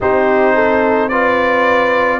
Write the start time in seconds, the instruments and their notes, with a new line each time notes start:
0.00 tuba C4, trombone D#4, horn G4, trumpet C5
0.54 horn A4
1.09 trombone F4, horn B4, trumpet D5